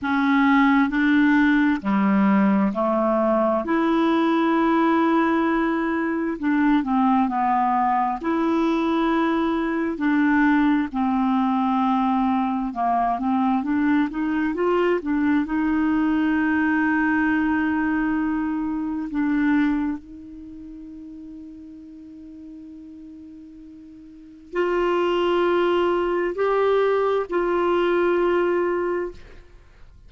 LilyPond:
\new Staff \with { instrumentName = "clarinet" } { \time 4/4 \tempo 4 = 66 cis'4 d'4 g4 a4 | e'2. d'8 c'8 | b4 e'2 d'4 | c'2 ais8 c'8 d'8 dis'8 |
f'8 d'8 dis'2.~ | dis'4 d'4 dis'2~ | dis'2. f'4~ | f'4 g'4 f'2 | }